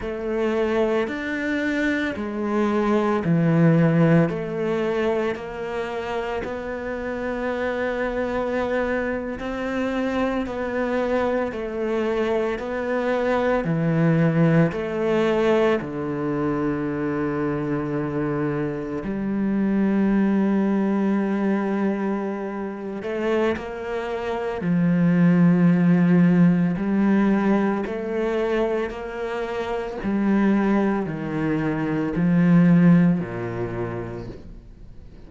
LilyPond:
\new Staff \with { instrumentName = "cello" } { \time 4/4 \tempo 4 = 56 a4 d'4 gis4 e4 | a4 ais4 b2~ | b8. c'4 b4 a4 b16~ | b8. e4 a4 d4~ d16~ |
d4.~ d16 g2~ g16~ | g4. a8 ais4 f4~ | f4 g4 a4 ais4 | g4 dis4 f4 ais,4 | }